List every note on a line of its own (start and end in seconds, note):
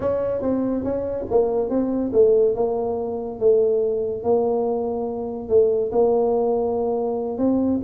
0.00 0.41 C#4
0.41 0.83 C4
0.84 1.26 C#4
1.30 1.69 A#3
1.69 2.11 C4
2.12 2.55 A3
2.55 3.39 A#3
3.39 4.23 A3
4.23 5.48 A#3
5.48 5.91 A3
5.91 7.38 A#3
7.38 7.80 C4